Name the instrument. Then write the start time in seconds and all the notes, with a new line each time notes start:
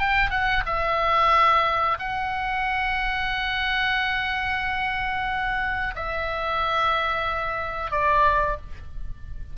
oboe
0.00 G5
0.31 F#5
0.67 E5
2.00 F#5
5.96 E5
7.91 D5